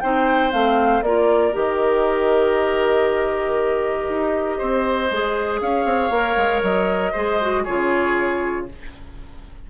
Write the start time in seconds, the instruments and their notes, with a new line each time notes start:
0.00 bassoon C4, clarinet D#4, oboe C5, flute G5
0.51 bassoon A3, clarinet C4, flute F5
1.01 bassoon A#3, clarinet F4, oboe A#4, flute D5
1.52 bassoon D#3, clarinet G4, flute D#5
4.09 bassoon D#4
4.58 bassoon C4, oboe C5
5.10 bassoon G#3, clarinet G#4
5.60 bassoon C#4, oboe C#5, flute F5
5.85 bassoon C4
6.10 bassoon A#3, clarinet A#4
6.36 bassoon G#3
6.62 bassoon F#3, flute D#5
7.12 bassoon G#3, clarinet G#4, oboe C5
7.41 clarinet F#4
7.64 bassoon C#3, clarinet F4, oboe G#4, flute C#5